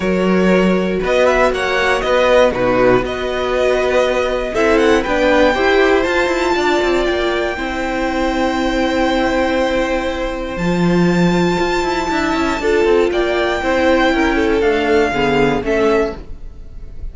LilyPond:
<<
  \new Staff \with { instrumentName = "violin" } { \time 4/4 \tempo 4 = 119 cis''2 dis''8 e''8 fis''4 | dis''4 b'4 dis''2~ | dis''4 e''8 fis''8 g''2 | a''2 g''2~ |
g''1~ | g''4 a''2.~ | a''2 g''2~ | g''4 f''2 e''4 | }
  \new Staff \with { instrumentName = "violin" } { \time 4/4 ais'2 b'4 cis''4 | b'4 fis'4 b'2~ | b'4 a'4 b'4 c''4~ | c''4 d''2 c''4~ |
c''1~ | c''1 | e''4 a'4 d''4 c''4 | ais'8 a'4. gis'4 a'4 | }
  \new Staff \with { instrumentName = "viola" } { \time 4/4 fis'1~ | fis'4 dis'4 fis'2~ | fis'4 e'4 d'4 g'4 | f'2. e'4~ |
e'1~ | e'4 f'2. | e'4 f'2 e'4~ | e'4 a4 b4 cis'4 | }
  \new Staff \with { instrumentName = "cello" } { \time 4/4 fis2 b4 ais4 | b4 b,4 b2~ | b4 c'4 b4 e'4 | f'8 e'8 d'8 c'8 ais4 c'4~ |
c'1~ | c'4 f2 f'8 e'8 | d'8 cis'8 d'8 c'8 ais4 c'4 | cis'4 d'4 d4 a4 | }
>>